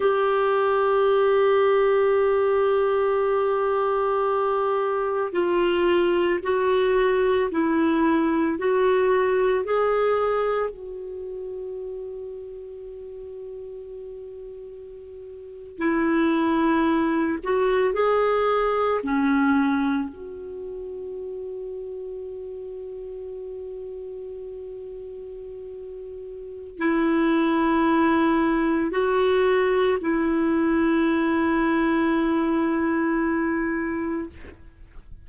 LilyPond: \new Staff \with { instrumentName = "clarinet" } { \time 4/4 \tempo 4 = 56 g'1~ | g'4 f'4 fis'4 e'4 | fis'4 gis'4 fis'2~ | fis'2~ fis'8. e'4~ e'16~ |
e'16 fis'8 gis'4 cis'4 fis'4~ fis'16~ | fis'1~ | fis'4 e'2 fis'4 | e'1 | }